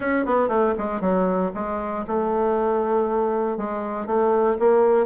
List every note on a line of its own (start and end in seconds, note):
0.00 0.25 C#4
0.25 0.48 B3
0.48 0.74 A3
0.77 1.00 G#3
1.00 1.51 F#3
1.54 2.05 G#3
2.07 3.57 A3
3.57 4.06 G#3
4.06 4.57 A3
4.59 5.06 A#3